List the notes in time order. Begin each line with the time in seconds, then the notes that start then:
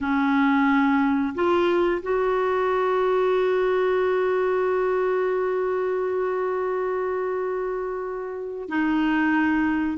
0.00 C#4
1.35 F4
2.02 F#4
8.68 D#4